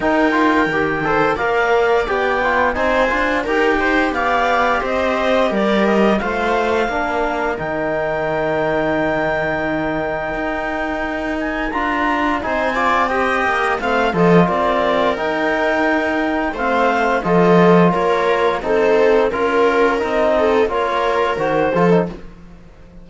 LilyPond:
<<
  \new Staff \with { instrumentName = "clarinet" } { \time 4/4 \tempo 4 = 87 g''2 f''4 g''4 | gis''4 g''4 f''4 dis''4 | d''8 dis''8 f''2 g''4~ | g''1~ |
g''8 gis''8 ais''4 gis''4 g''4 | f''8 dis''8 d''4 g''2 | f''4 dis''4 cis''4 c''4 | ais'4 dis''4 cis''4 c''4 | }
  \new Staff \with { instrumentName = "viola" } { \time 4/4 ais'4. c''8 d''2 | c''4 ais'8 c''8 d''4 c''4 | ais'4 c''4 ais'2~ | ais'1~ |
ais'2 c''8 d''8 dis''4 | f''8 a'8 ais'2. | c''4 a'4 ais'4 a'4 | ais'4. a'8 ais'4. a'8 | }
  \new Staff \with { instrumentName = "trombone" } { \time 4/4 dis'8 f'8 g'8 a'8 ais'4 g'8 f'8 | dis'8 f'8 g'2.~ | g'4 f'4 d'4 dis'4~ | dis'1~ |
dis'4 f'4 dis'8 f'8 g'4 | c'8 f'4. dis'2 | c'4 f'2 dis'4 | f'4 dis'4 f'4 fis'8 f'16 dis'16 | }
  \new Staff \with { instrumentName = "cello" } { \time 4/4 dis'4 dis4 ais4 b4 | c'8 d'8 dis'4 b4 c'4 | g4 a4 ais4 dis4~ | dis2. dis'4~ |
dis'4 d'4 c'4. ais8 | a8 f8 c'4 dis'2 | a4 f4 ais4 c'4 | cis'4 c'4 ais4 dis8 f8 | }
>>